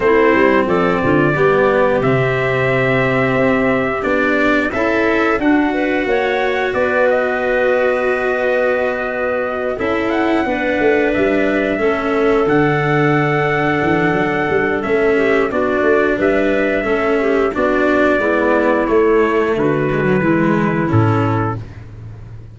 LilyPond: <<
  \new Staff \with { instrumentName = "trumpet" } { \time 4/4 \tempo 4 = 89 c''4 d''2 e''4~ | e''2 d''4 e''4 | fis''2 d''8 dis''4.~ | dis''2~ dis''8 e''8 fis''4~ |
fis''8 e''2 fis''4.~ | fis''2 e''4 d''4 | e''2 d''2 | cis''4 b'2 a'4 | }
  \new Staff \with { instrumentName = "clarinet" } { \time 4/4 e'4 a'8 f'8 g'2~ | g'2. e'4 | d'8 b'8 cis''4 b'2~ | b'2~ b'8 a'4 b'8~ |
b'4. a'2~ a'8~ | a'2~ a'8 g'8 fis'4 | b'4 a'8 g'8 fis'4 e'4~ | e'4 fis'4 e'2 | }
  \new Staff \with { instrumentName = "cello" } { \time 4/4 c'2 b4 c'4~ | c'2 d'4 a'4 | fis'1~ | fis'2~ fis'8 e'4 d'8~ |
d'4. cis'4 d'4.~ | d'2 cis'4 d'4~ | d'4 cis'4 d'4 b4 | a4. gis16 fis16 gis4 cis'4 | }
  \new Staff \with { instrumentName = "tuba" } { \time 4/4 a8 g8 f8 d8 g4 c4~ | c4 c'4 b4 cis'4 | d'4 ais4 b2~ | b2~ b8 cis'4 b8 |
a8 g4 a4 d4.~ | d8 e8 fis8 g8 a4 b8 a8 | g4 a4 b4 gis4 | a4 d4 e4 a,4 | }
>>